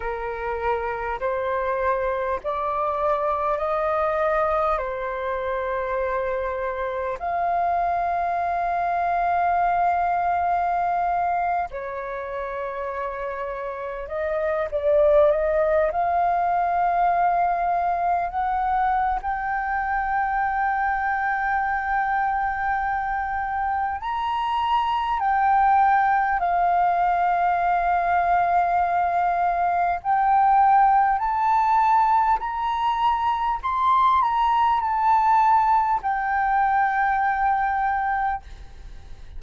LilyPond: \new Staff \with { instrumentName = "flute" } { \time 4/4 \tempo 4 = 50 ais'4 c''4 d''4 dis''4 | c''2 f''2~ | f''4.~ f''16 cis''2 dis''16~ | dis''16 d''8 dis''8 f''2 fis''8. |
g''1 | ais''4 g''4 f''2~ | f''4 g''4 a''4 ais''4 | c'''8 ais''8 a''4 g''2 | }